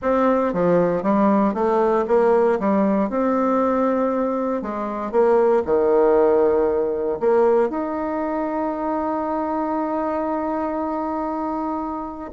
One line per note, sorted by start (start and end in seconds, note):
0.01 0.53 C4
0.53 1.03 F3
1.03 1.54 G3
1.54 2.05 A3
2.07 2.59 A#3
2.59 3.09 G3
3.09 4.62 C4
4.62 5.11 G#3
5.11 5.62 A#3
5.65 7.18 D#3
7.20 7.69 A#3
7.69 12.31 D#4